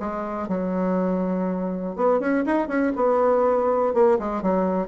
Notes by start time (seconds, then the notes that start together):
0.00 G#3
0.48 F#3
1.96 B3
2.20 C#4
2.46 D#4
2.68 C#4
2.96 B3
3.94 A#3
4.19 G#3
4.42 F#3